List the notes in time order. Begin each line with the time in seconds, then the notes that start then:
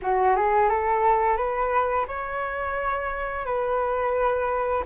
0.02 F#4
0.35 G#4
0.69 A4
1.36 B4
2.07 C#5
3.45 B4